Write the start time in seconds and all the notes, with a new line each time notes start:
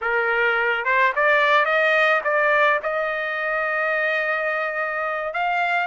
0.01 A#4
0.84 C5
1.15 D5
1.65 D#5
2.24 D5
2.82 D#5
5.33 F5